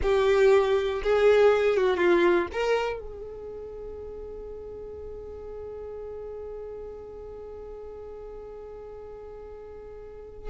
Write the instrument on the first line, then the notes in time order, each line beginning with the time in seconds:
violin
0.02 G4
1.03 G#4
1.76 F#4
1.97 F4
2.52 A#4
2.99 G#4